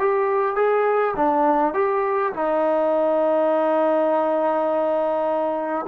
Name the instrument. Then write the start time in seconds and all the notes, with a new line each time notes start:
trombone
0.00 G4
0.56 G#4
1.17 D4
1.74 G4
2.34 D#4